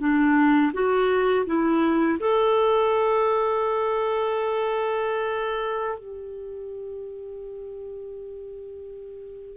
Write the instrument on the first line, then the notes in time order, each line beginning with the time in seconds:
clarinet
0.00 D4
0.74 F#4
1.47 E4
2.20 A4
5.99 G4